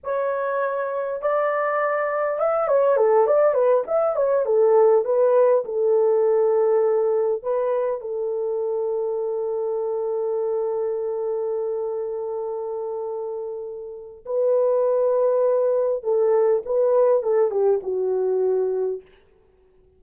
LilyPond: \new Staff \with { instrumentName = "horn" } { \time 4/4 \tempo 4 = 101 cis''2 d''2 | e''8 cis''8 a'8 d''8 b'8 e''8 cis''8 a'8~ | a'8 b'4 a'2~ a'8~ | a'8 b'4 a'2~ a'8~ |
a'1~ | a'1 | b'2. a'4 | b'4 a'8 g'8 fis'2 | }